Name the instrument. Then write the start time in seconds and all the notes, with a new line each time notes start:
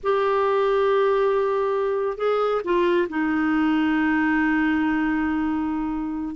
clarinet
0.03 G4
2.17 G#4
2.64 F4
3.09 D#4